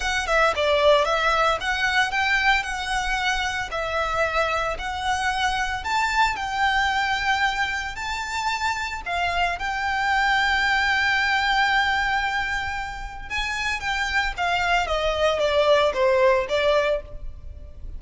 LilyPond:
\new Staff \with { instrumentName = "violin" } { \time 4/4 \tempo 4 = 113 fis''8 e''8 d''4 e''4 fis''4 | g''4 fis''2 e''4~ | e''4 fis''2 a''4 | g''2. a''4~ |
a''4 f''4 g''2~ | g''1~ | g''4 gis''4 g''4 f''4 | dis''4 d''4 c''4 d''4 | }